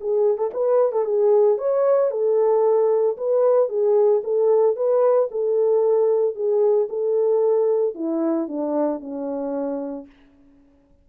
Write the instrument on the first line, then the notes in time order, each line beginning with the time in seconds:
horn
0.00 G#4
0.37 A4
0.53 B4
0.92 A4
1.05 G#4
1.58 C#5
2.10 A4
3.17 B4
3.68 G#4
4.23 A4
4.75 B4
5.31 A4
6.35 G#4
6.89 A4
7.95 E4
8.48 D4
9.00 C#4